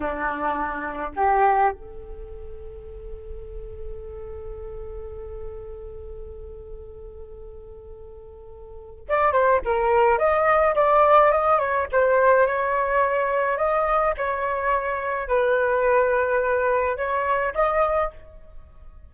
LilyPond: \new Staff \with { instrumentName = "flute" } { \time 4/4 \tempo 4 = 106 d'2 g'4 a'4~ | a'1~ | a'1~ | a'1 |
d''8 c''8 ais'4 dis''4 d''4 | dis''8 cis''8 c''4 cis''2 | dis''4 cis''2 b'4~ | b'2 cis''4 dis''4 | }